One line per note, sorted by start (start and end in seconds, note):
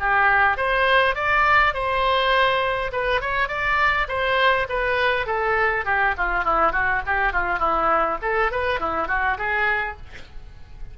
0.00 0.57 G4
0.57 1.15 C5
1.15 1.74 D5
1.74 2.91 C5
2.92 3.21 B4
3.21 3.48 C#5
3.48 4.07 D5
4.08 4.67 C5
4.69 5.26 B4
5.26 5.85 A4
5.85 6.14 G4
6.17 6.44 F4
6.44 6.72 E4
6.72 7.02 F#4
7.06 7.33 G4
7.33 7.59 F4
7.59 8.18 E4
8.22 8.51 A4
8.52 8.80 B4
8.80 9.08 E4
9.08 9.37 F#4
9.38 9.97 G#4